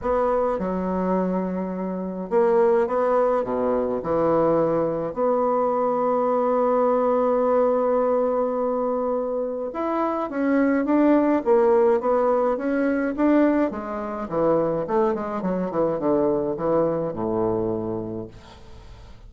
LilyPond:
\new Staff \with { instrumentName = "bassoon" } { \time 4/4 \tempo 4 = 105 b4 fis2. | ais4 b4 b,4 e4~ | e4 b2.~ | b1~ |
b4 e'4 cis'4 d'4 | ais4 b4 cis'4 d'4 | gis4 e4 a8 gis8 fis8 e8 | d4 e4 a,2 | }